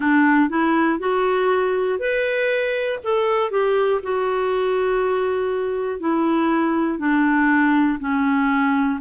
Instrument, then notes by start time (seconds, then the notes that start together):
clarinet
0.00 D4
0.49 E4
0.99 F#4
1.99 B4
3.03 A4
3.50 G4
4.03 F#4
6.00 E4
6.99 D4
8.00 C#4